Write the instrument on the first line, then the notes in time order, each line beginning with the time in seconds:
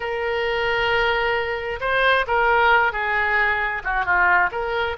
oboe
0.00 A#4
1.80 C5
2.27 A#4
2.92 G#4
3.84 F#4
4.05 F4
4.51 A#4